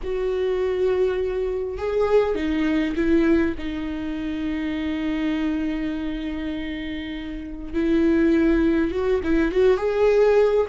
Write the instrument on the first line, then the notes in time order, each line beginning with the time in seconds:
viola
0.03 F#4
1.78 G#4
2.35 D#4
2.95 E4
3.58 D#4
7.73 E4
8.91 F#4
9.23 E4
9.51 F#4
9.77 G#4